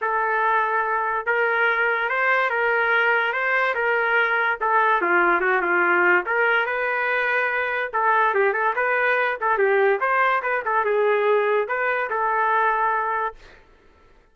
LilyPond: \new Staff \with { instrumentName = "trumpet" } { \time 4/4 \tempo 4 = 144 a'2. ais'4~ | ais'4 c''4 ais'2 | c''4 ais'2 a'4 | f'4 fis'8 f'4. ais'4 |
b'2. a'4 | g'8 a'8 b'4. a'8 g'4 | c''4 b'8 a'8 gis'2 | b'4 a'2. | }